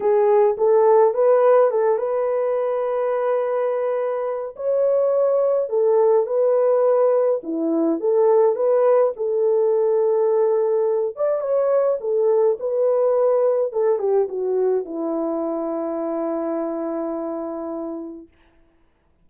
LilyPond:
\new Staff \with { instrumentName = "horn" } { \time 4/4 \tempo 4 = 105 gis'4 a'4 b'4 a'8 b'8~ | b'1 | cis''2 a'4 b'4~ | b'4 e'4 a'4 b'4 |
a'2.~ a'8 d''8 | cis''4 a'4 b'2 | a'8 g'8 fis'4 e'2~ | e'1 | }